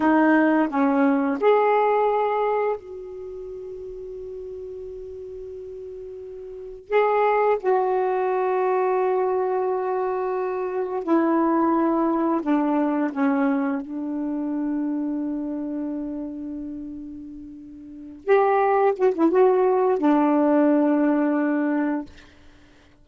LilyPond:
\new Staff \with { instrumentName = "saxophone" } { \time 4/4 \tempo 4 = 87 dis'4 cis'4 gis'2 | fis'1~ | fis'2 gis'4 fis'4~ | fis'1 |
e'2 d'4 cis'4 | d'1~ | d'2~ d'8 g'4 fis'16 e'16 | fis'4 d'2. | }